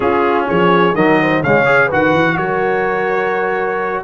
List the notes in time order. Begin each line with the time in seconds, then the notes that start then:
0.00 C#4 F4 G#4
0.48 F3 G#4 C#5
0.94 D#3 F#3 A#4 D#5
1.21 C5
1.43 C#3 G#3 C#5 F5
1.65 G#4
1.86 D#3 F#4 B4
1.92 F#5
2.13 E3
2.36 F#3 A#4 C#5